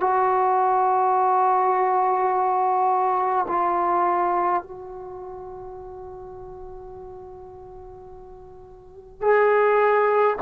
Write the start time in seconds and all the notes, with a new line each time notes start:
0.00 F#4
3.48 F4
4.63 F#4
9.21 G#4